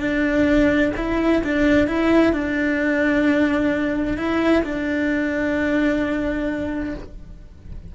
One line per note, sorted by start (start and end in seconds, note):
0.00 0.92 D4
0.97 1.43 E4
1.44 1.88 D4
1.88 2.33 E4
2.33 4.17 D4
4.17 4.63 E4
4.64 6.95 D4